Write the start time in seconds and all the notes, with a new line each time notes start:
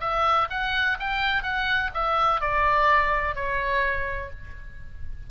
0.00 E5
0.50 F#5
0.99 G5
1.42 F#5
1.94 E5
2.41 D5
3.35 C#5